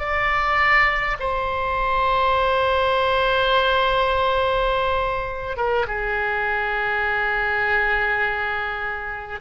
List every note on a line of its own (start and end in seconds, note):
0.00 1.18 D5
1.20 5.57 C5
5.57 5.87 A#4
5.88 9.41 G#4